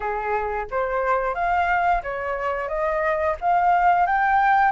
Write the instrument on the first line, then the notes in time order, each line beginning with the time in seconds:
flute
0.00 G#4
0.70 C5
1.34 F5
2.03 C#5
2.68 D#5
3.40 F5
4.06 G5